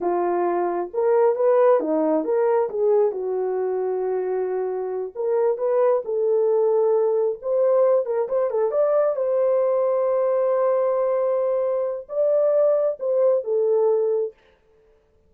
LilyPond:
\new Staff \with { instrumentName = "horn" } { \time 4/4 \tempo 4 = 134 f'2 ais'4 b'4 | dis'4 ais'4 gis'4 fis'4~ | fis'2.~ fis'8 ais'8~ | ais'8 b'4 a'2~ a'8~ |
a'8 c''4. ais'8 c''8 a'8 d''8~ | d''8 c''2.~ c''8~ | c''2. d''4~ | d''4 c''4 a'2 | }